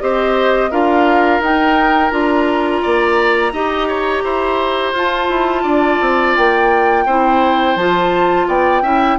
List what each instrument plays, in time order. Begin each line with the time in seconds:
0.00 bassoon C4, clarinet G4, oboe C5, flute D#5
0.71 bassoon D4, clarinet F4, oboe A#4, flute F5
1.40 bassoon D#4, clarinet D#4, flute G5
2.11 bassoon D4, clarinet F4, flute A#5
2.82 bassoon A#3, oboe D5
3.52 bassoon D#4, clarinet G4, oboe D#5
3.88 oboe C#5
4.23 bassoon E4, oboe C5
4.92 bassoon F4, clarinet F4, flute A5
5.29 bassoon E4
5.63 bassoon D4, oboe D5
6.00 bassoon C4
6.36 bassoon A#3, flute G5
7.05 bassoon C4, clarinet E4, oboe C5
7.76 bassoon F3, clarinet F4, flute A5
8.47 bassoon B3, oboe D5, flute G5
8.82 bassoon C#4, clarinet E4, oboe E5